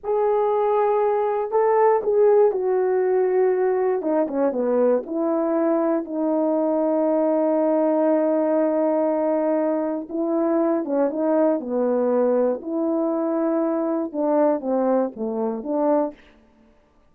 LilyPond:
\new Staff \with { instrumentName = "horn" } { \time 4/4 \tempo 4 = 119 gis'2. a'4 | gis'4 fis'2. | dis'8 cis'8 b4 e'2 | dis'1~ |
dis'1 | e'4. cis'8 dis'4 b4~ | b4 e'2. | d'4 c'4 a4 d'4 | }